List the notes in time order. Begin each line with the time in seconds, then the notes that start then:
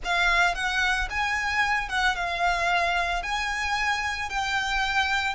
0.04 F5
0.54 F#5
1.10 G#5
1.88 F#5
2.15 F5
3.23 G#5
4.29 G5